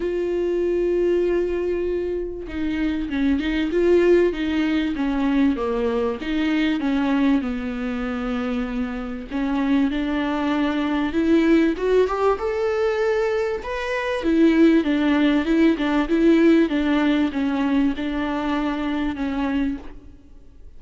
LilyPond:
\new Staff \with { instrumentName = "viola" } { \time 4/4 \tempo 4 = 97 f'1 | dis'4 cis'8 dis'8 f'4 dis'4 | cis'4 ais4 dis'4 cis'4 | b2. cis'4 |
d'2 e'4 fis'8 g'8 | a'2 b'4 e'4 | d'4 e'8 d'8 e'4 d'4 | cis'4 d'2 cis'4 | }